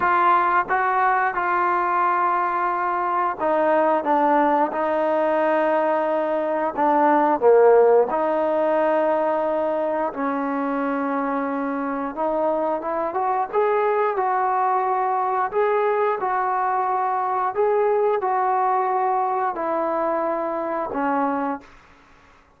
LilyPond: \new Staff \with { instrumentName = "trombone" } { \time 4/4 \tempo 4 = 89 f'4 fis'4 f'2~ | f'4 dis'4 d'4 dis'4~ | dis'2 d'4 ais4 | dis'2. cis'4~ |
cis'2 dis'4 e'8 fis'8 | gis'4 fis'2 gis'4 | fis'2 gis'4 fis'4~ | fis'4 e'2 cis'4 | }